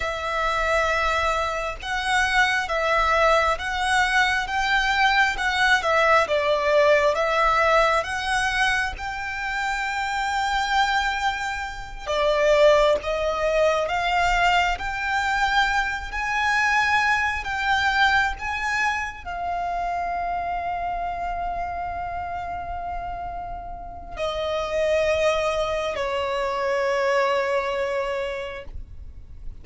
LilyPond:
\new Staff \with { instrumentName = "violin" } { \time 4/4 \tempo 4 = 67 e''2 fis''4 e''4 | fis''4 g''4 fis''8 e''8 d''4 | e''4 fis''4 g''2~ | g''4. d''4 dis''4 f''8~ |
f''8 g''4. gis''4. g''8~ | g''8 gis''4 f''2~ f''8~ | f''2. dis''4~ | dis''4 cis''2. | }